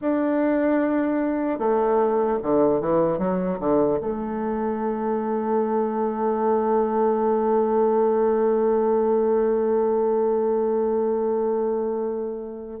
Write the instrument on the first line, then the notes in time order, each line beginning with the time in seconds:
bassoon
0.01 D4
1.59 A3
2.42 D3
2.80 E3
3.18 F#3
3.59 D3
4.00 A3